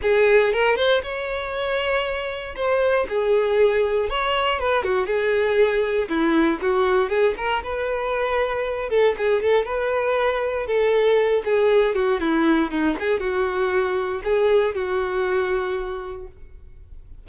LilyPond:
\new Staff \with { instrumentName = "violin" } { \time 4/4 \tempo 4 = 118 gis'4 ais'8 c''8 cis''2~ | cis''4 c''4 gis'2 | cis''4 b'8 fis'8 gis'2 | e'4 fis'4 gis'8 ais'8 b'4~ |
b'4. a'8 gis'8 a'8 b'4~ | b'4 a'4. gis'4 fis'8 | e'4 dis'8 gis'8 fis'2 | gis'4 fis'2. | }